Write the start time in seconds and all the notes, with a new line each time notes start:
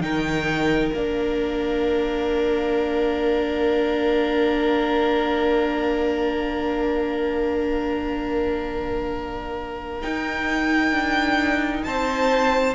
0.00 D#3 D#4 A#4 G5
0.92 A#3 D4 F5
10.01 D#4 G5
10.91 D4
11.83 C4 C5 A5